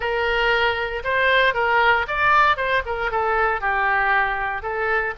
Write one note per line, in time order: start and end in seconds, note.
0.00 1.03 A#4
1.04 1.54 C5
1.54 2.05 A#4
2.07 2.56 D5
2.56 2.82 C5
2.85 3.11 A#4
3.11 3.60 A4
3.60 4.62 G4
4.62 5.14 A4